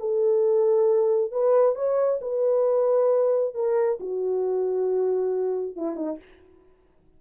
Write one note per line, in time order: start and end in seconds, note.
0.00 1.32 A4
1.32 1.76 B4
1.76 2.20 C#5
2.22 3.55 B4
3.55 3.99 A#4
4.00 5.76 F#4
5.76 5.96 E4
5.96 6.18 D#4